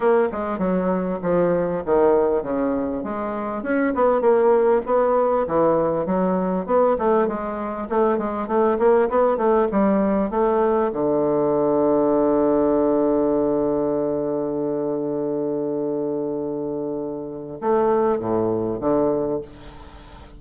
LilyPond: \new Staff \with { instrumentName = "bassoon" } { \time 4/4 \tempo 4 = 99 ais8 gis8 fis4 f4 dis4 | cis4 gis4 cis'8 b8 ais4 | b4 e4 fis4 b8 a8 | gis4 a8 gis8 a8 ais8 b8 a8 |
g4 a4 d2~ | d1~ | d1~ | d4 a4 a,4 d4 | }